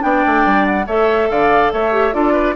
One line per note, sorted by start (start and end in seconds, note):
0.00 0.25 B3
0.00 0.85 D4
0.00 0.87 D5
0.00 0.66 G5
0.27 0.46 A3
0.46 0.87 G3
0.66 0.87 F#5
0.87 1.30 A3
0.87 1.92 A4
0.87 1.29 C#5
0.87 1.30 E5
1.30 1.73 D3
1.30 1.74 D5
1.30 1.73 F5
1.73 2.14 A3
1.73 2.15 C#5
1.73 2.14 E5
1.92 2.13 G4
2.13 2.56 D4
2.13 2.55 F4
2.13 2.33 A4
2.13 2.56 D5
2.33 2.54 B4